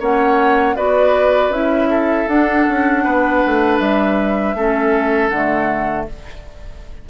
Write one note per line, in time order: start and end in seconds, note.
0.00 0.77 A#3
0.00 0.76 C#4
0.00 0.76 C#5
0.00 0.77 F#5
0.76 1.49 B3
0.76 1.52 F#4
0.76 1.90 B4
0.76 1.53 D5
1.49 2.25 C#4
1.49 2.28 E4
1.49 2.29 E5
1.90 3.04 A4
2.28 4.56 D4
2.28 2.66 D4
2.28 3.79 F#5
2.69 3.05 C#4
3.04 3.43 B3
3.04 4.56 B4
3.47 3.80 A3
3.79 4.55 G3
3.79 5.29 E5
4.55 5.31 A3
4.55 5.33 C#4
4.55 6.09 A4
5.29 6.07 D3
5.29 6.09 A3
5.29 6.05 F#5